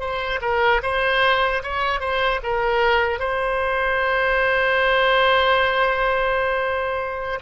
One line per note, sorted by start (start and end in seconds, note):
0.00 0.40 C5
0.41 0.81 A#4
0.83 1.63 C5
1.63 2.00 C#5
2.00 2.40 C5
2.43 3.20 A#4
3.20 7.40 C5